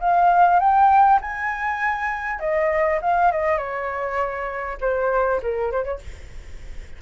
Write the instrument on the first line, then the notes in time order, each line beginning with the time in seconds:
flute
0.00 F5
0.59 G5
1.21 G#5
2.40 D#5
3.02 F5
3.31 D#5
3.57 C#5
4.81 C5
5.42 A#4
5.72 C5
5.84 C#5